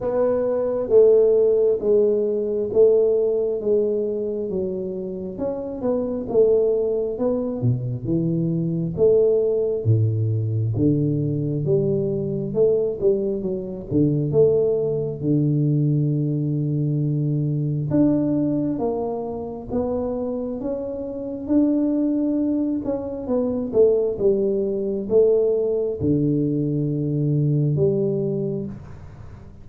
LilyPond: \new Staff \with { instrumentName = "tuba" } { \time 4/4 \tempo 4 = 67 b4 a4 gis4 a4 | gis4 fis4 cis'8 b8 a4 | b8 b,8 e4 a4 a,4 | d4 g4 a8 g8 fis8 d8 |
a4 d2. | d'4 ais4 b4 cis'4 | d'4. cis'8 b8 a8 g4 | a4 d2 g4 | }